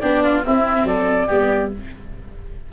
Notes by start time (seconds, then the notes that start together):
0.00 B3 D4 G4 D5
0.24 F4
0.44 C4 E4 E5
0.84 F#3 A4 D5
1.27 G3 B3 G4